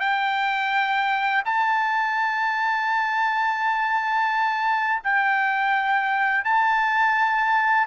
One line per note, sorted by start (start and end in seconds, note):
0.00 1.43 G5
1.45 5.03 A5
5.04 6.45 G5
6.45 7.87 A5